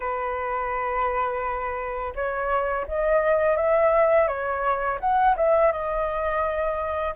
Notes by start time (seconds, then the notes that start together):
0.00 B4
2.15 C#5
2.87 D#5
3.56 E5
4.27 C#5
5.00 F#5
5.36 E5
5.72 D#5